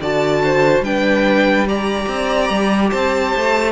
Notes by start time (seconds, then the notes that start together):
0.00 D3 F#4 D5 A5
0.44 C5
0.80 G3 D4 B4 G5
1.66 G4 D5 A#5
2.08 C4
2.49 G3
2.89 C4 C5 A5
3.35 A3